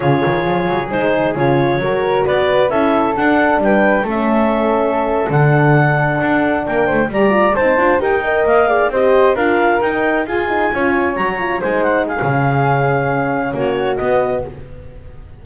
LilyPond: <<
  \new Staff \with { instrumentName = "clarinet" } { \time 4/4 \tempo 4 = 133 cis''2 c''4 cis''4~ | cis''4 d''4 e''4 fis''4 | g''4 e''2~ e''8. fis''16~ | fis''2~ fis''8. g''4 ais''16~ |
ais''8. a''4 g''4 f''4 dis''16~ | dis''8. f''4 g''4 gis''4~ gis''16~ | gis''8. ais''4 gis''8 fis''8 f''4~ f''16~ | f''2 cis''4 dis''4 | }
  \new Staff \with { instrumentName = "flute" } { \time 4/4 gis'1 | ais'4 b'4 a'2 | b'4 a'2.~ | a'2~ a'8. ais'8 c''8 d''16~ |
d''8. c''4 ais'8 dis''4 d''8 c''16~ | c''8. ais'2 gis'4 cis''16~ | cis''4.~ cis''16 c''4 gis'4~ gis'16~ | gis'2 fis'2 | }
  \new Staff \with { instrumentName = "horn" } { \time 4/4 f'2 dis'4 f'4 | fis'2 e'4 d'4~ | d'4 cis'2~ cis'8. d'16~ | d'2.~ d'8. g'16~ |
g'16 f'8 dis'8 f'8 g'8 ais'4 gis'8 g'16~ | g'8. f'4 dis'4 f'8 dis'8 f'16~ | f'8. fis'8 f'8 dis'4~ dis'16 cis'4~ | cis'2. b4 | }
  \new Staff \with { instrumentName = "double bass" } { \time 4/4 cis8 dis8 f8 fis8 gis4 cis4 | fis4 b4 cis'4 d'4 | g4 a2~ a8. d16~ | d4.~ d16 d'4 ais8 a8 g16~ |
g8. c'8 d'8 dis'4 ais4 c'16~ | c'8. d'4 dis'4 f'4 cis'16~ | cis'8. fis4 gis4~ gis16 cis4~ | cis2 ais4 b4 | }
>>